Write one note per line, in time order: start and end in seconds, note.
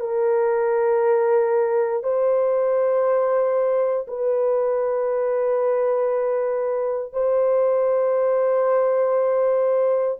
0.00 2.03 A#4
2.03 4.06 C5
4.08 7.12 B4
7.12 10.17 C5